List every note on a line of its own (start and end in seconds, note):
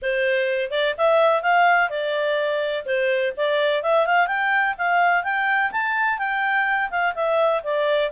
0.02 0.71 C5
0.71 0.94 D5
0.97 1.42 E5
1.42 1.89 F5
1.89 2.84 D5
2.85 3.33 C5
3.36 3.82 D5
3.82 4.06 E5
4.06 4.27 F5
4.27 4.74 G5
4.78 5.23 F5
5.23 5.71 G5
5.71 6.18 A5
6.18 6.89 G5
6.90 7.14 F5
7.14 7.62 E5
7.63 8.11 D5